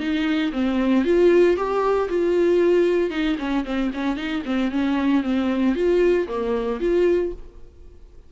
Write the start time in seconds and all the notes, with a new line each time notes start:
0.00 D#4
0.53 C4
1.05 F4
1.57 G4
2.09 F4
3.10 D#4
3.39 C#4
3.65 C4
3.94 C#4
4.17 D#4
4.46 C4
4.72 C#4
5.23 C4
5.76 F4
6.28 A#3
6.81 F4